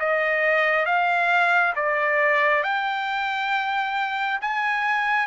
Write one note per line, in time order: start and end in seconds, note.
0.00 0.86 D#5
0.86 1.74 F5
1.76 2.64 D5
2.64 4.40 G5
4.42 5.27 G#5